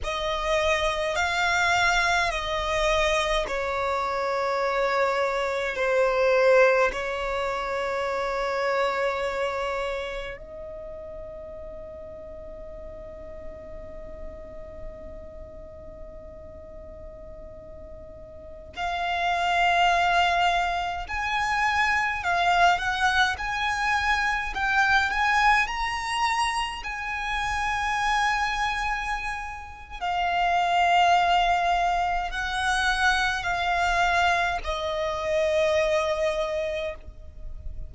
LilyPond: \new Staff \with { instrumentName = "violin" } { \time 4/4 \tempo 4 = 52 dis''4 f''4 dis''4 cis''4~ | cis''4 c''4 cis''2~ | cis''4 dis''2.~ | dis''1~ |
dis''16 f''2 gis''4 f''8 fis''16~ | fis''16 gis''4 g''8 gis''8 ais''4 gis''8.~ | gis''2 f''2 | fis''4 f''4 dis''2 | }